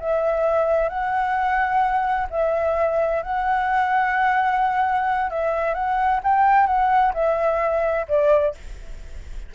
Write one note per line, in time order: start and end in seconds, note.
0.00 0.89 E5
0.89 2.28 F#5
2.31 3.23 E5
3.23 5.30 F#5
5.31 5.74 E5
5.74 6.21 F#5
6.24 6.67 G5
6.67 7.13 F#5
7.14 8.06 E5
8.09 8.55 D5